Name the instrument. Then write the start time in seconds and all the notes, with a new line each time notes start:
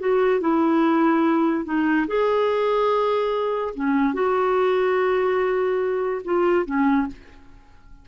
clarinet
0.00 F#4
0.41 E4
1.65 D#4
2.07 G#4
3.75 C#4
4.14 F#4
6.25 F4
6.66 C#4